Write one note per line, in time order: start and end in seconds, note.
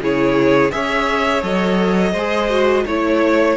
0.00 0.71 C#3
0.00 0.71 E4
0.00 0.74 G#4
0.00 0.71 C#5
0.71 1.43 C#4
0.71 1.42 G#4
0.71 2.12 C#5
0.71 1.43 E5
1.42 2.14 F#3
1.42 2.13 A4
1.42 2.86 D#5
2.12 2.85 G#3
2.12 2.50 G#4
2.12 2.84 C5
2.50 2.86 F#4
2.85 3.57 A3
2.85 3.57 E4
2.85 3.57 C#5